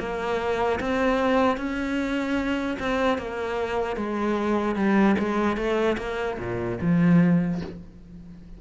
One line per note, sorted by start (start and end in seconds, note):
0.00 0.80 A#3
0.80 1.57 C4
1.57 2.77 C#4
2.80 3.19 C4
3.19 3.97 A#3
3.97 4.76 G#3
4.76 5.16 G3
5.19 5.57 G#3
5.57 5.97 A3
5.98 6.38 A#3
6.39 6.79 A#2
6.81 7.61 F3